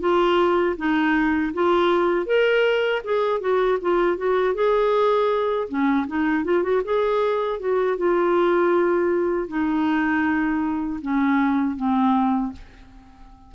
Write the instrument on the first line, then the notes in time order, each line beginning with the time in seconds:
clarinet
0.00 F4
0.77 D#4
1.54 F4
2.26 A#4
3.04 G#4
3.40 F#4
3.81 F4
4.17 F#4
4.54 G#4
5.69 C#4
6.07 D#4
6.45 F4
6.63 F#4
6.85 G#4
7.60 F#4
7.97 F4
9.48 D#4
11.02 C#4
11.77 C4